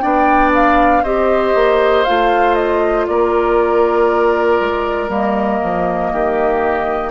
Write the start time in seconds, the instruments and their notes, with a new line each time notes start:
0.00 bassoon B3, clarinet D4, oboe D5, flute G5
0.54 flute F5
1.03 bassoon C4, clarinet G4, oboe C5, flute D#5
1.55 bassoon A#3
2.04 bassoon A3, clarinet F4, flute F5
2.55 flute D#5
3.07 bassoon A#3, oboe A#4, flute D5
4.60 bassoon G#3
5.09 bassoon G3, clarinet A#3, flute D#5
5.63 bassoon F3
6.13 bassoon D#3, oboe G4